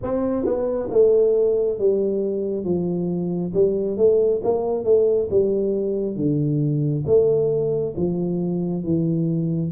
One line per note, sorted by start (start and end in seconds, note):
0.02 0.45 C4
0.45 0.89 B3
0.90 1.78 A3
1.78 2.64 G3
2.64 3.53 F3
3.54 3.97 G3
3.97 4.41 A3
4.43 4.84 A#3
4.84 5.28 A3
5.30 6.16 G3
6.16 7.04 D3
7.06 7.94 A3
7.96 8.84 F3
8.84 9.71 E3